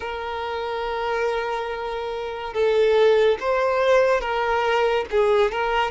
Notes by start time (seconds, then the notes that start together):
0.00 A#4
2.53 A4
3.40 C5
4.20 A#4
5.10 G#4
5.51 A#4